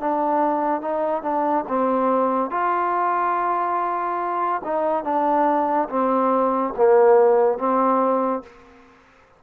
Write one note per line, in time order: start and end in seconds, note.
0.00 0.81 D4
0.81 1.23 D#4
1.23 1.65 D4
1.68 2.50 C4
2.50 4.62 F4
4.64 5.04 D#4
5.04 5.88 D4
5.89 6.74 C4
6.77 7.58 A#3
7.58 8.43 C4